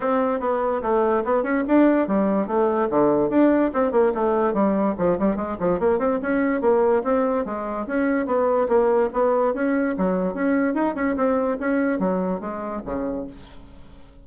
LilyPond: \new Staff \with { instrumentName = "bassoon" } { \time 4/4 \tempo 4 = 145 c'4 b4 a4 b8 cis'8 | d'4 g4 a4 d4 | d'4 c'8 ais8 a4 g4 | f8 g8 gis8 f8 ais8 c'8 cis'4 |
ais4 c'4 gis4 cis'4 | b4 ais4 b4 cis'4 | fis4 cis'4 dis'8 cis'8 c'4 | cis'4 fis4 gis4 cis4 | }